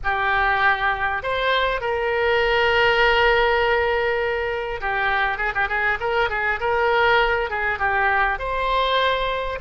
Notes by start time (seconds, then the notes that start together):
0.03 G4
1.22 C5
1.80 A#4
4.81 G4
5.37 G#4
5.54 G4
5.68 G#4
5.99 A#4
6.29 G#4
6.59 A#4
7.49 G#4
7.78 G4
8.38 C5